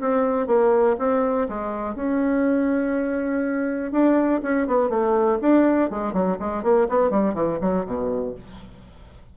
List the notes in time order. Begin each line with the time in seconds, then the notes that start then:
0.00 C4
0.47 A#3
0.99 C4
1.48 G#3
1.95 C#4
3.92 D4
4.43 C#4
4.67 B3
4.90 A3
5.41 D4
5.90 G#3
6.13 F#3
6.39 G#3
6.63 A#3
6.89 B3
7.10 G3
7.34 E3
7.61 F#3
7.85 B2